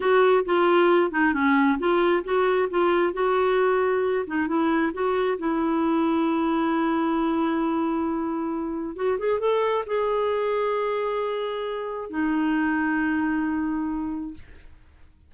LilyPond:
\new Staff \with { instrumentName = "clarinet" } { \time 4/4 \tempo 4 = 134 fis'4 f'4. dis'8 cis'4 | f'4 fis'4 f'4 fis'4~ | fis'4. dis'8 e'4 fis'4 | e'1~ |
e'1 | fis'8 gis'8 a'4 gis'2~ | gis'2. dis'4~ | dis'1 | }